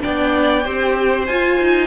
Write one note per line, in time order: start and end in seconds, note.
0.00 0.66 B3
0.00 0.62 D4
0.00 0.65 D5
0.00 1.26 G5
0.65 1.28 C4
0.65 1.28 G4
0.65 1.87 C5
1.26 1.59 F4
1.26 1.87 F4
1.26 1.87 G#5
1.60 1.87 D#4